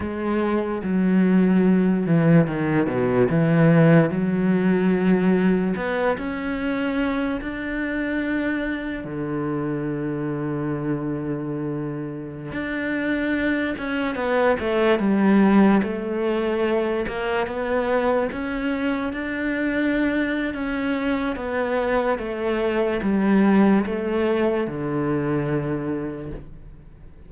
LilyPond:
\new Staff \with { instrumentName = "cello" } { \time 4/4 \tempo 4 = 73 gis4 fis4. e8 dis8 b,8 | e4 fis2 b8 cis'8~ | cis'4 d'2 d4~ | d2.~ d16 d'8.~ |
d'8. cis'8 b8 a8 g4 a8.~ | a8. ais8 b4 cis'4 d'8.~ | d'4 cis'4 b4 a4 | g4 a4 d2 | }